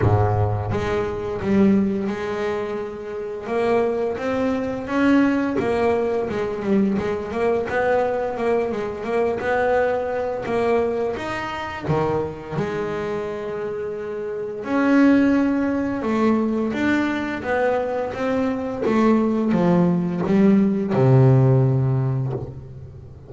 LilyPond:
\new Staff \with { instrumentName = "double bass" } { \time 4/4 \tempo 4 = 86 gis,4 gis4 g4 gis4~ | gis4 ais4 c'4 cis'4 | ais4 gis8 g8 gis8 ais8 b4 | ais8 gis8 ais8 b4. ais4 |
dis'4 dis4 gis2~ | gis4 cis'2 a4 | d'4 b4 c'4 a4 | f4 g4 c2 | }